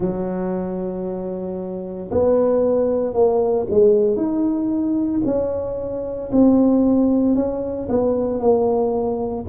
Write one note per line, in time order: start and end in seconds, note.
0.00 2.10 F#3
2.11 3.13 B3
3.13 3.66 A#3
3.70 4.16 G#3
4.16 5.21 D#4
5.25 6.30 C#4
6.32 7.35 C4
7.35 7.88 C#4
7.89 8.39 B3
8.39 9.44 A#3